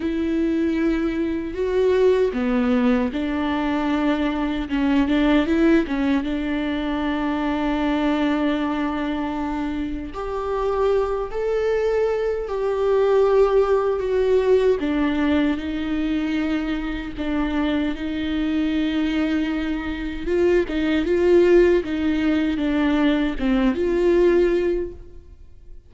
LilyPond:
\new Staff \with { instrumentName = "viola" } { \time 4/4 \tempo 4 = 77 e'2 fis'4 b4 | d'2 cis'8 d'8 e'8 cis'8 | d'1~ | d'4 g'4. a'4. |
g'2 fis'4 d'4 | dis'2 d'4 dis'4~ | dis'2 f'8 dis'8 f'4 | dis'4 d'4 c'8 f'4. | }